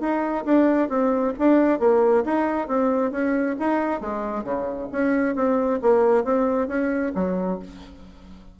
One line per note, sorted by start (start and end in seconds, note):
0.00 0.44 D#4
0.45 0.89 D4
0.89 1.33 C4
1.38 1.80 D4
1.80 2.24 A#3
2.24 2.67 D#4
2.67 3.11 C4
3.11 3.56 C#4
3.59 4.01 D#4
4.01 4.44 G#3
4.44 4.88 C#3
4.92 5.35 C#4
5.35 5.80 C4
5.82 6.24 A#3
6.24 6.68 C4
6.68 7.12 C#4
7.15 7.59 F#3